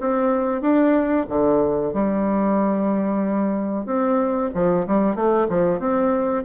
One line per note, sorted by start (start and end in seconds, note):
0.00 0.61 C4
0.61 1.26 D4
1.29 1.93 D3
1.93 3.86 G3
3.86 4.50 C4
4.54 4.87 F3
4.87 5.15 G3
5.15 5.48 A3
5.49 5.79 F3
5.79 6.44 C4